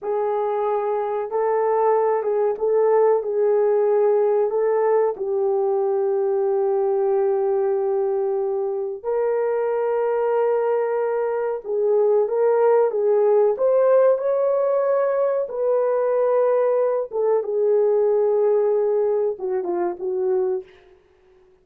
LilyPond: \new Staff \with { instrumentName = "horn" } { \time 4/4 \tempo 4 = 93 gis'2 a'4. gis'8 | a'4 gis'2 a'4 | g'1~ | g'2 ais'2~ |
ais'2 gis'4 ais'4 | gis'4 c''4 cis''2 | b'2~ b'8 a'8 gis'4~ | gis'2 fis'8 f'8 fis'4 | }